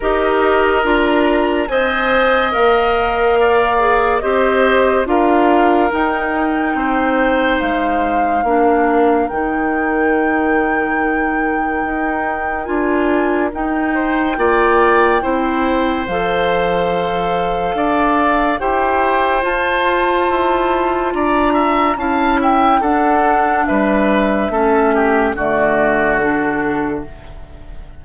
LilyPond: <<
  \new Staff \with { instrumentName = "flute" } { \time 4/4 \tempo 4 = 71 dis''4 ais''4 gis''4 f''4~ | f''4 dis''4 f''4 g''4~ | g''4 f''2 g''4~ | g''2. gis''4 |
g''2. f''4~ | f''2 g''4 a''4~ | a''4 ais''4 a''8 g''8 fis''4 | e''2 d''4 a'4 | }
  \new Staff \with { instrumentName = "oboe" } { \time 4/4 ais'2 dis''2 | d''4 c''4 ais'2 | c''2 ais'2~ | ais'1~ |
ais'8 c''8 d''4 c''2~ | c''4 d''4 c''2~ | c''4 d''8 e''8 f''8 e''8 a'4 | b'4 a'8 g'8 fis'2 | }
  \new Staff \with { instrumentName = "clarinet" } { \time 4/4 g'4 f'4 c''4 ais'4~ | ais'8 gis'8 g'4 f'4 dis'4~ | dis'2 d'4 dis'4~ | dis'2. f'4 |
dis'4 f'4 e'4 a'4~ | a'2 g'4 f'4~ | f'2 e'4 d'4~ | d'4 cis'4 a4 d'4 | }
  \new Staff \with { instrumentName = "bassoon" } { \time 4/4 dis'4 d'4 c'4 ais4~ | ais4 c'4 d'4 dis'4 | c'4 gis4 ais4 dis4~ | dis2 dis'4 d'4 |
dis'4 ais4 c'4 f4~ | f4 d'4 e'4 f'4 | e'4 d'4 cis'4 d'4 | g4 a4 d2 | }
>>